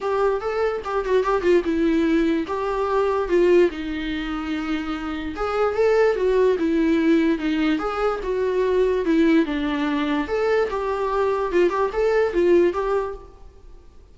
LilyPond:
\new Staff \with { instrumentName = "viola" } { \time 4/4 \tempo 4 = 146 g'4 a'4 g'8 fis'8 g'8 f'8 | e'2 g'2 | f'4 dis'2.~ | dis'4 gis'4 a'4 fis'4 |
e'2 dis'4 gis'4 | fis'2 e'4 d'4~ | d'4 a'4 g'2 | f'8 g'8 a'4 f'4 g'4 | }